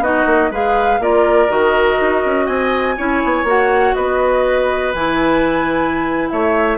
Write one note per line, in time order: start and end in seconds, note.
0.00 0.25 B3
0.00 0.52 D#4
0.00 0.51 F#4
0.00 0.52 D#5
0.26 0.51 A#3
0.51 0.99 G#3
0.51 1.01 G#4
0.51 1.00 B4
0.51 1.03 F5
0.99 1.49 A#3
0.99 1.49 F4
0.99 2.46 A#4
0.99 1.51 D5
1.49 1.99 D#3
1.49 2.96 F#4
1.49 2.47 D#5
2.01 2.25 D#4
2.25 2.48 C#4
2.46 2.97 C4
2.46 2.95 D#5
2.46 3.45 G#5
2.97 3.24 C#4
2.97 3.47 E4
2.97 3.95 C#5
3.24 3.44 B3
3.44 3.93 A#3
3.44 4.94 F#4
3.44 3.95 F#5
3.95 4.94 B3
3.95 6.29 B4
3.95 4.93 D#5
4.94 6.30 E3
4.94 6.78 E4
4.94 6.29 G#5
6.30 6.78 A3
6.30 6.78 C#5
6.30 6.78 E5